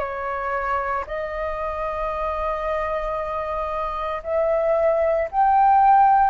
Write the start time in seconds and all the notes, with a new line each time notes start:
0.00 C#5
1.07 D#5
4.24 E5
5.32 G5